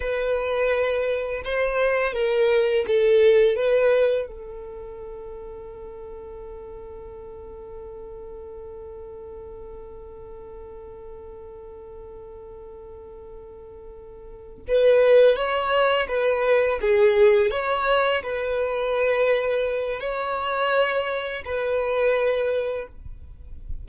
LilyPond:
\new Staff \with { instrumentName = "violin" } { \time 4/4 \tempo 4 = 84 b'2 c''4 ais'4 | a'4 b'4 a'2~ | a'1~ | a'1~ |
a'1~ | a'8 b'4 cis''4 b'4 gis'8~ | gis'8 cis''4 b'2~ b'8 | cis''2 b'2 | }